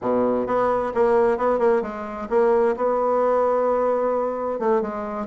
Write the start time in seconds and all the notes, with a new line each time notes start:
0.01 B2
0.47 B3
0.94 A#3
1.37 B3
1.59 A#3
1.82 G#3
2.29 A#3
2.76 B3
4.59 A3
4.81 G#3